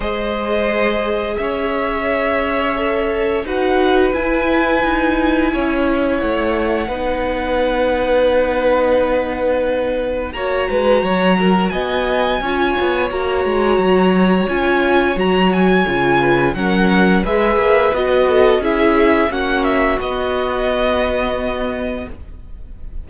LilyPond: <<
  \new Staff \with { instrumentName = "violin" } { \time 4/4 \tempo 4 = 87 dis''2 e''2~ | e''4 fis''4 gis''2~ | gis''4 fis''2.~ | fis''2. ais''4~ |
ais''4 gis''2 ais''4~ | ais''4 gis''4 ais''8 gis''4. | fis''4 e''4 dis''4 e''4 | fis''8 e''8 dis''2. | }
  \new Staff \with { instrumentName = "violin" } { \time 4/4 c''2 cis''2~ | cis''4 b'2. | cis''2 b'2~ | b'2. cis''8 b'8 |
cis''8 ais'8 dis''4 cis''2~ | cis''2.~ cis''8 b'8 | ais'4 b'4. a'8 gis'4 | fis'1 | }
  \new Staff \with { instrumentName = "viola" } { \time 4/4 gis'1 | a'4 fis'4 e'2~ | e'2 dis'2~ | dis'2. fis'4~ |
fis'2 f'4 fis'4~ | fis'4 f'4 fis'4 f'4 | cis'4 gis'4 fis'4 e'4 | cis'4 b2. | }
  \new Staff \with { instrumentName = "cello" } { \time 4/4 gis2 cis'2~ | cis'4 dis'4 e'4 dis'4 | cis'4 a4 b2~ | b2. ais8 gis8 |
fis4 b4 cis'8 b8 ais8 gis8 | fis4 cis'4 fis4 cis4 | fis4 gis8 ais8 b4 cis'4 | ais4 b2. | }
>>